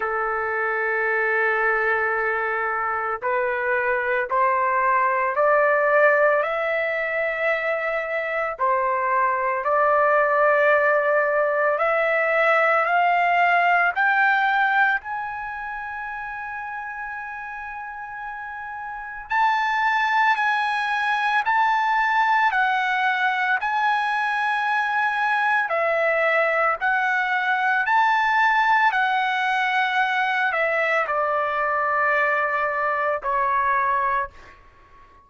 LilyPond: \new Staff \with { instrumentName = "trumpet" } { \time 4/4 \tempo 4 = 56 a'2. b'4 | c''4 d''4 e''2 | c''4 d''2 e''4 | f''4 g''4 gis''2~ |
gis''2 a''4 gis''4 | a''4 fis''4 gis''2 | e''4 fis''4 a''4 fis''4~ | fis''8 e''8 d''2 cis''4 | }